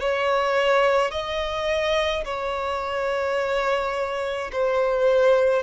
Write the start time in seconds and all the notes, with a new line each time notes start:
0.00 C#5
1.11 D#5
2.24 C#5
4.52 C5